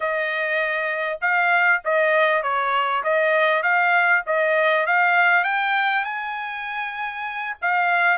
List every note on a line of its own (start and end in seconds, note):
0.00 1.19 D#5
1.21 1.82 F5
1.84 2.42 D#5
2.42 3.03 C#5
3.03 3.62 D#5
3.62 4.23 F5
4.26 4.86 D#5
4.86 5.44 F5
5.44 6.04 G5
6.04 7.55 G#5
7.61 8.17 F5